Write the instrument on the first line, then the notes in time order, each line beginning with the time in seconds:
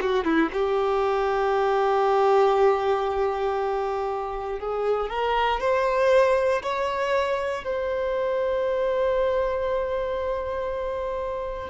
violin
0.00 F#4
0.24 E4
0.52 G4
4.59 G#4
5.09 A#4
5.60 C5
6.62 C#5
7.64 C5